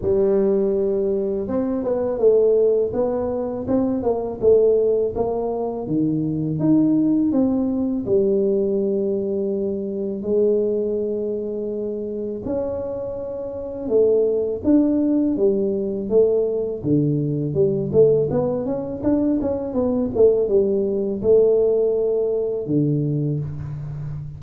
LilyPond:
\new Staff \with { instrumentName = "tuba" } { \time 4/4 \tempo 4 = 82 g2 c'8 b8 a4 | b4 c'8 ais8 a4 ais4 | dis4 dis'4 c'4 g4~ | g2 gis2~ |
gis4 cis'2 a4 | d'4 g4 a4 d4 | g8 a8 b8 cis'8 d'8 cis'8 b8 a8 | g4 a2 d4 | }